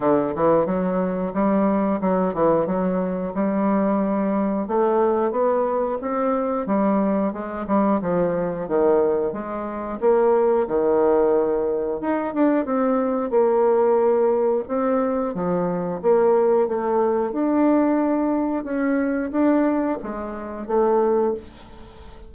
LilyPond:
\new Staff \with { instrumentName = "bassoon" } { \time 4/4 \tempo 4 = 90 d8 e8 fis4 g4 fis8 e8 | fis4 g2 a4 | b4 c'4 g4 gis8 g8 | f4 dis4 gis4 ais4 |
dis2 dis'8 d'8 c'4 | ais2 c'4 f4 | ais4 a4 d'2 | cis'4 d'4 gis4 a4 | }